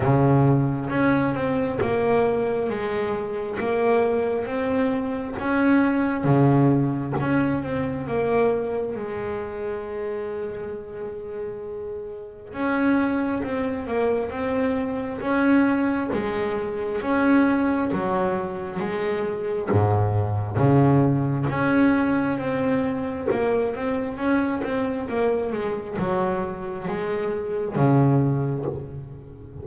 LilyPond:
\new Staff \with { instrumentName = "double bass" } { \time 4/4 \tempo 4 = 67 cis4 cis'8 c'8 ais4 gis4 | ais4 c'4 cis'4 cis4 | cis'8 c'8 ais4 gis2~ | gis2 cis'4 c'8 ais8 |
c'4 cis'4 gis4 cis'4 | fis4 gis4 gis,4 cis4 | cis'4 c'4 ais8 c'8 cis'8 c'8 | ais8 gis8 fis4 gis4 cis4 | }